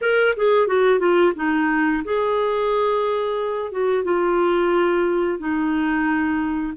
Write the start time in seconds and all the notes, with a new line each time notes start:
0.01 A#4
0.36 G#4
0.67 F#4
0.99 F4
1.35 D#4
2.04 G#4
3.71 F#4
4.04 F4
5.38 D#4